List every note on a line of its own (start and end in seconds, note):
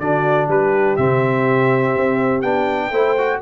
0.00 0.48 D3
0.00 0.99 D4
0.00 0.49 F#4
0.00 0.49 D5
0.48 0.97 G3
0.48 2.91 G4
0.48 0.96 B4
0.96 1.95 C3
0.96 2.44 C4
0.96 2.42 E5
1.97 2.43 C4
2.42 2.91 B3
2.42 2.92 D4
2.42 3.39 G5
2.91 3.40 A3
2.91 3.17 E4
2.91 3.40 C5
3.18 3.42 F#4